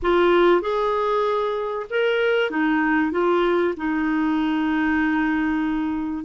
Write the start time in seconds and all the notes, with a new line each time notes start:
0.02 F4
0.61 G#4
1.89 A#4
2.50 D#4
3.11 F4
3.77 D#4